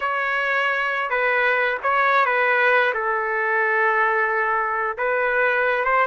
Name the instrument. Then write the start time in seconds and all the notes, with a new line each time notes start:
trumpet
0.00 C#5
1.10 B4
1.83 C#5
2.25 B4
2.94 A4
4.97 B4
5.84 C5